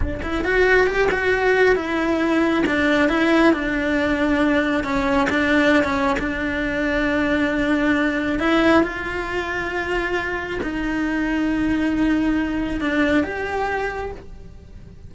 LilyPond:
\new Staff \with { instrumentName = "cello" } { \time 4/4 \tempo 4 = 136 d'8 e'8 fis'4 g'8 fis'4. | e'2 d'4 e'4 | d'2. cis'4 | d'4~ d'16 cis'8. d'2~ |
d'2. e'4 | f'1 | dis'1~ | dis'4 d'4 g'2 | }